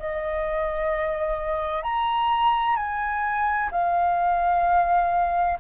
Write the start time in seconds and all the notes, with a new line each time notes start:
0.00 D#5
1.84 A#5
2.77 G#5
3.72 F5